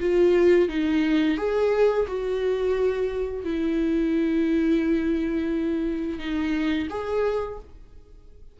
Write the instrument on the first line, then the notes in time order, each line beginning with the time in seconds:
viola
0.00 F4
0.69 D#4
1.37 G#4
2.07 F#4
3.44 E4
6.19 D#4
6.90 G#4